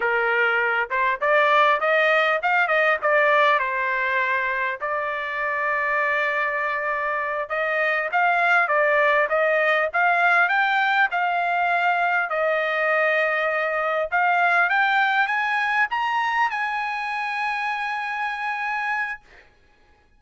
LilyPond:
\new Staff \with { instrumentName = "trumpet" } { \time 4/4 \tempo 4 = 100 ais'4. c''8 d''4 dis''4 | f''8 dis''8 d''4 c''2 | d''1~ | d''8 dis''4 f''4 d''4 dis''8~ |
dis''8 f''4 g''4 f''4.~ | f''8 dis''2. f''8~ | f''8 g''4 gis''4 ais''4 gis''8~ | gis''1 | }